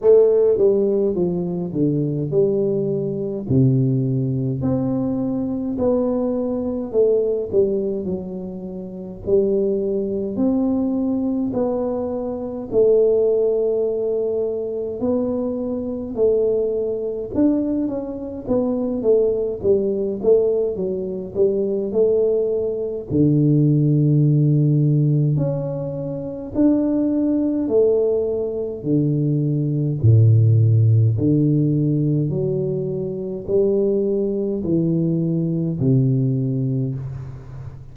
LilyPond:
\new Staff \with { instrumentName = "tuba" } { \time 4/4 \tempo 4 = 52 a8 g8 f8 d8 g4 c4 | c'4 b4 a8 g8 fis4 | g4 c'4 b4 a4~ | a4 b4 a4 d'8 cis'8 |
b8 a8 g8 a8 fis8 g8 a4 | d2 cis'4 d'4 | a4 d4 a,4 d4 | fis4 g4 e4 c4 | }